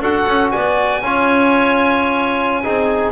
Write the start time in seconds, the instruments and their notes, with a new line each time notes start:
0.00 double bass D4, trombone F#4, clarinet A4, oboe F#5
0.27 double bass C#4
0.51 double bass B3, clarinet D5, oboe G#5
1.01 double bass C#4, trombone F4, clarinet C#5
2.63 double bass C4, trombone D#4, clarinet G#4